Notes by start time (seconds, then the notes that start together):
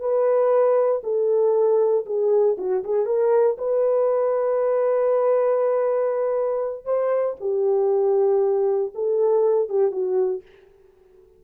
0.00 B4
1.04 A4
2.06 G#4
2.58 F#4
2.84 G#4
3.06 A#4
3.58 B4
6.85 C5
7.40 G4
8.95 A4
9.69 G4
9.92 F#4